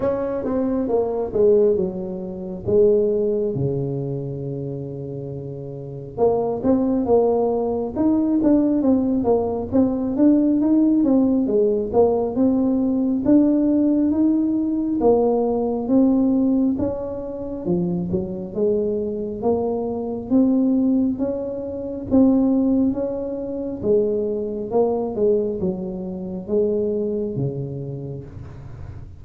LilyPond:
\new Staff \with { instrumentName = "tuba" } { \time 4/4 \tempo 4 = 68 cis'8 c'8 ais8 gis8 fis4 gis4 | cis2. ais8 c'8 | ais4 dis'8 d'8 c'8 ais8 c'8 d'8 | dis'8 c'8 gis8 ais8 c'4 d'4 |
dis'4 ais4 c'4 cis'4 | f8 fis8 gis4 ais4 c'4 | cis'4 c'4 cis'4 gis4 | ais8 gis8 fis4 gis4 cis4 | }